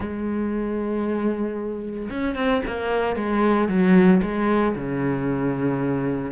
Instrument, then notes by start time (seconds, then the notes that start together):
cello
0.00 G#3
2.10 C#4
2.35 C4
2.66 A#3
3.16 G#3
3.68 F#3
4.22 G#3
4.75 C#3